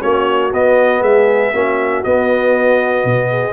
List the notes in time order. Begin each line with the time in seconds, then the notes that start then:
0.00 A#3 C#4 F#4 C#5
0.53 B3 D#5
1.01 G#3 G#4 E5
1.53 A#3 C#4 F#4
2.03 B3 D#5
3.04 B2
3.30 G#4